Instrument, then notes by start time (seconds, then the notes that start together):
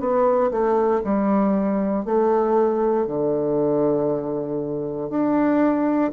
bassoon
0.00 B3
0.51 A3
1.04 G3
2.05 A3
3.07 D3
5.10 D4